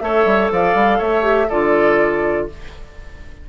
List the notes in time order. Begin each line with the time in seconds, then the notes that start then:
0.00 A3 A4 C#5 E5
0.25 G3
0.51 F3 D5 F5
0.74 G3
0.98 A3 C#5 E5
1.22 G4
1.48 D3 F4 A4 D5